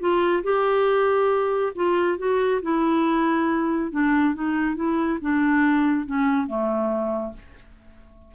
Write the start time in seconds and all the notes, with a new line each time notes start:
0.00 F4
0.43 G4
1.75 F4
2.18 F#4
2.62 E4
3.91 D4
4.35 D#4
4.76 E4
5.22 D4
6.06 C#4
6.47 A3